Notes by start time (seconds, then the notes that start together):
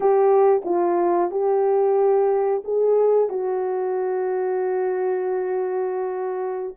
0.00 G4
0.64 F4
1.30 G4
2.64 G#4
3.29 F#4